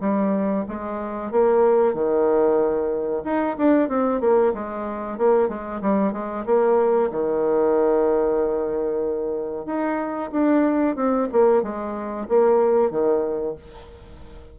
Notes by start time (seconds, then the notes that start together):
0.00 G3
0.68 G#3
1.31 A#3
1.94 D#3
3.24 D#4
3.57 D4
3.89 C4
4.20 A#3
4.54 G#3
5.18 A#3
5.49 G#3
5.82 G3
6.12 G#3
6.46 A#3
7.11 D#3
9.65 D#4
10.31 D4
10.96 C4
11.32 A#3
11.62 G#3
12.28 A#3
12.90 D#3